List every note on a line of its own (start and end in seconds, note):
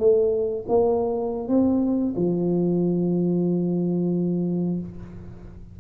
0.00 0.66 A3
0.69 1.49 A#3
1.49 2.15 C4
2.17 4.80 F3